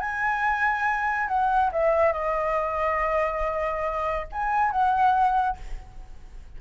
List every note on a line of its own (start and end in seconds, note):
0.00 1.28 G#5
1.28 1.71 F#5
1.72 2.13 E5
2.13 4.27 D#5
4.33 4.72 G#5
4.72 5.57 F#5